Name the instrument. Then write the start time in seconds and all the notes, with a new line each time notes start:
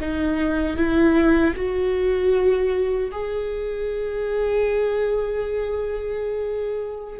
viola
0.00 D#4
0.76 E4
1.55 F#4
3.11 G#4